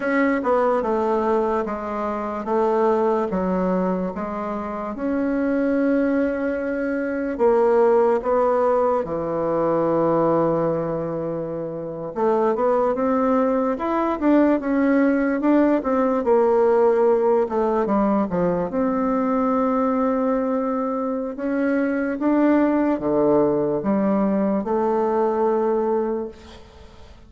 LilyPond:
\new Staff \with { instrumentName = "bassoon" } { \time 4/4 \tempo 4 = 73 cis'8 b8 a4 gis4 a4 | fis4 gis4 cis'2~ | cis'4 ais4 b4 e4~ | e2~ e8. a8 b8 c'16~ |
c'8. e'8 d'8 cis'4 d'8 c'8 ais16~ | ais4~ ais16 a8 g8 f8 c'4~ c'16~ | c'2 cis'4 d'4 | d4 g4 a2 | }